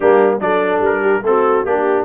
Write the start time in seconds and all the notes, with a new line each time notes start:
0.00 G3 A#3 D4 G4
0.40 F#3 D4 A4 D5
0.79 G3 A#4
1.01 G4
1.22 A3 C4 F#4 A4
1.65 A#3 D4 G4